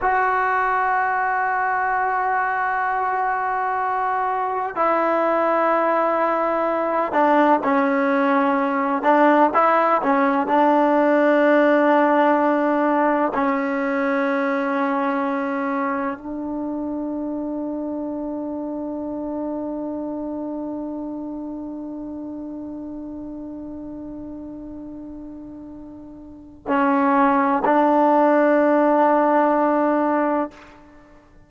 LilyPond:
\new Staff \with { instrumentName = "trombone" } { \time 4/4 \tempo 4 = 63 fis'1~ | fis'4 e'2~ e'8 d'8 | cis'4. d'8 e'8 cis'8 d'4~ | d'2 cis'2~ |
cis'4 d'2.~ | d'1~ | d'1 | cis'4 d'2. | }